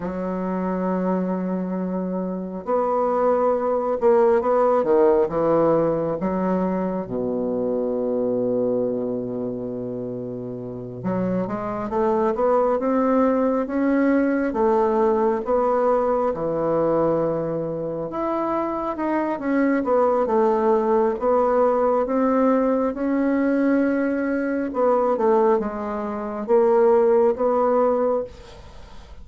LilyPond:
\new Staff \with { instrumentName = "bassoon" } { \time 4/4 \tempo 4 = 68 fis2. b4~ | b8 ais8 b8 dis8 e4 fis4 | b,1~ | b,8 fis8 gis8 a8 b8 c'4 cis'8~ |
cis'8 a4 b4 e4.~ | e8 e'4 dis'8 cis'8 b8 a4 | b4 c'4 cis'2 | b8 a8 gis4 ais4 b4 | }